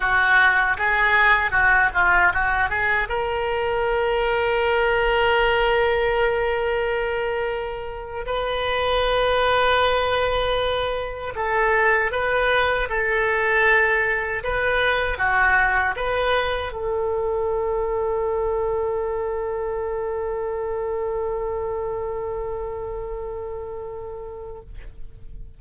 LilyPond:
\new Staff \with { instrumentName = "oboe" } { \time 4/4 \tempo 4 = 78 fis'4 gis'4 fis'8 f'8 fis'8 gis'8 | ais'1~ | ais'2~ ais'8. b'4~ b'16~ | b'2~ b'8. a'4 b'16~ |
b'8. a'2 b'4 fis'16~ | fis'8. b'4 a'2~ a'16~ | a'1~ | a'1 | }